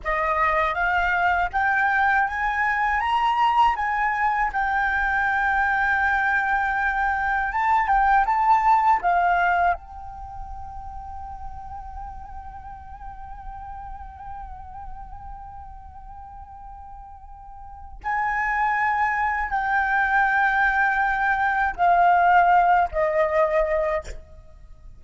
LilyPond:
\new Staff \with { instrumentName = "flute" } { \time 4/4 \tempo 4 = 80 dis''4 f''4 g''4 gis''4 | ais''4 gis''4 g''2~ | g''2 a''8 g''8 a''4 | f''4 g''2.~ |
g''1~ | g''1 | gis''2 g''2~ | g''4 f''4. dis''4. | }